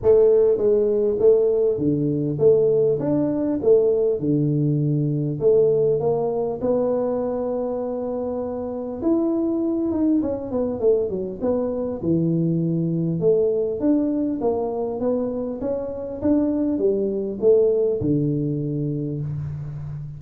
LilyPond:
\new Staff \with { instrumentName = "tuba" } { \time 4/4 \tempo 4 = 100 a4 gis4 a4 d4 | a4 d'4 a4 d4~ | d4 a4 ais4 b4~ | b2. e'4~ |
e'8 dis'8 cis'8 b8 a8 fis8 b4 | e2 a4 d'4 | ais4 b4 cis'4 d'4 | g4 a4 d2 | }